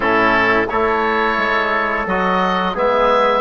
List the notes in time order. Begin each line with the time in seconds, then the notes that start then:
0.00 A2 C#4 E4 A4
0.69 A3 E4 A4 C#5
1.37 G#3
2.06 F#3 F#4 D#5
2.74 G#3 B3 G#4 E5